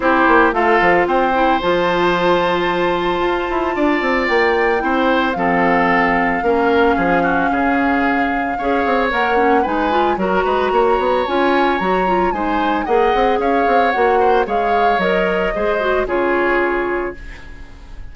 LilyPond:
<<
  \new Staff \with { instrumentName = "flute" } { \time 4/4 \tempo 4 = 112 c''4 f''4 g''4 a''4~ | a''1 | g''2 f''2~ | f''1~ |
f''4 fis''4 gis''4 ais''4~ | ais''4 gis''4 ais''4 gis''4 | fis''4 f''4 fis''4 f''4 | dis''2 cis''2 | }
  \new Staff \with { instrumentName = "oboe" } { \time 4/4 g'4 a'4 c''2~ | c''2. d''4~ | d''4 c''4 a'2 | ais'4 gis'8 fis'8 gis'2 |
cis''2 b'4 ais'8 b'8 | cis''2. c''4 | dis''4 cis''4. c''8 cis''4~ | cis''4 c''4 gis'2 | }
  \new Staff \with { instrumentName = "clarinet" } { \time 4/4 e'4 f'4. e'8 f'4~ | f'1~ | f'4 e'4 c'2 | cis'1 |
gis'4 ais'8 cis'8 dis'8 f'8 fis'4~ | fis'4 f'4 fis'8 f'8 dis'4 | gis'2 fis'4 gis'4 | ais'4 gis'8 fis'8 f'2 | }
  \new Staff \with { instrumentName = "bassoon" } { \time 4/4 c'8 ais8 a8 f8 c'4 f4~ | f2 f'8 e'8 d'8 c'8 | ais4 c'4 f2 | ais4 f4 cis2 |
cis'8 c'8 ais4 gis4 fis8 gis8 | ais8 b8 cis'4 fis4 gis4 | ais8 c'8 cis'8 c'8 ais4 gis4 | fis4 gis4 cis2 | }
>>